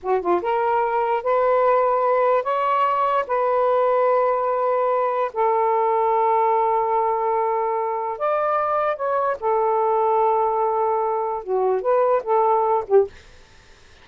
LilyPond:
\new Staff \with { instrumentName = "saxophone" } { \time 4/4 \tempo 4 = 147 fis'8 f'8 ais'2 b'4~ | b'2 cis''2 | b'1~ | b'4 a'2.~ |
a'1 | d''2 cis''4 a'4~ | a'1 | fis'4 b'4 a'4. g'8 | }